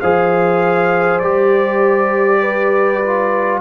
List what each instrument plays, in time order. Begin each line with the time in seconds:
0.00 tuba F3, trombone G#4, horn C5, trumpet F5
1.19 tuba G3, trombone G4, trumpet D5
2.40 horn B4
3.02 trombone F4